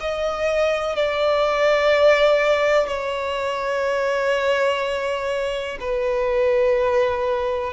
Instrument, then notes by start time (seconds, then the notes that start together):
violin
0.00 D#5
0.96 D5
2.88 C#5
5.80 B4